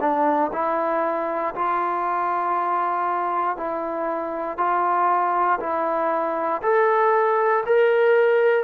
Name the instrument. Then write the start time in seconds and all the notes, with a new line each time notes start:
trombone
0.00 D4
0.52 E4
1.54 F4
3.57 E4
4.57 F4
5.60 E4
6.62 A4
7.65 A#4